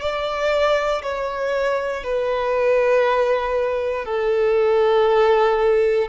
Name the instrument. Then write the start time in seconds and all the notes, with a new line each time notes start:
violin
0.00 D5
1.02 C#5
2.03 B4
4.05 A4